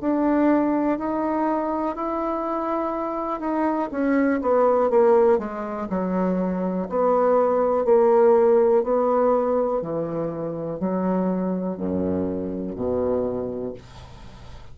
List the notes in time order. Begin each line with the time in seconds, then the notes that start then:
0.00 D4
0.98 D#4
1.95 E4
3.40 D#4
3.91 C#4
4.41 B3
4.90 A#3
5.38 G#3
5.89 F#3
6.89 B3
7.85 A#3
8.83 B3
9.81 E3
10.79 F#3
11.77 F#2
12.76 B2